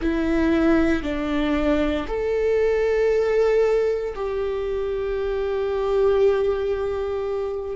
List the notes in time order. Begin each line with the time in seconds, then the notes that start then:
0.01 E4
1.03 D4
2.07 A4
4.15 G4